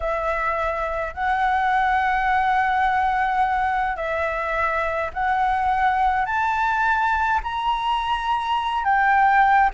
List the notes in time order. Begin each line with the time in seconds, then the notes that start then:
0.00 E5
1.14 F#5
3.96 E5
5.13 F#5
6.25 A5
7.43 A#5
8.84 G5